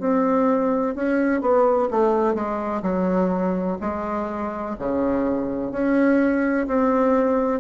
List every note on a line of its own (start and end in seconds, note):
0.00 0.95 C4
0.95 1.41 C#4
1.41 1.89 B3
1.90 2.34 A3
2.34 2.82 G#3
2.82 3.77 F#3
3.81 4.76 G#3
4.79 5.71 C#3
5.71 6.67 C#4
6.67 7.60 C4